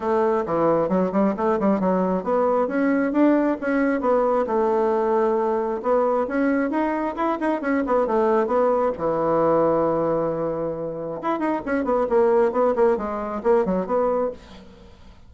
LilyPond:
\new Staff \with { instrumentName = "bassoon" } { \time 4/4 \tempo 4 = 134 a4 e4 fis8 g8 a8 g8 | fis4 b4 cis'4 d'4 | cis'4 b4 a2~ | a4 b4 cis'4 dis'4 |
e'8 dis'8 cis'8 b8 a4 b4 | e1~ | e4 e'8 dis'8 cis'8 b8 ais4 | b8 ais8 gis4 ais8 fis8 b4 | }